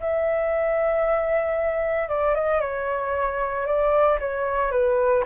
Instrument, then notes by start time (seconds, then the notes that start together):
flute
0.00 E5
2.09 D5
2.34 D#5
2.61 C#5
3.66 D5
4.20 C#5
4.71 B4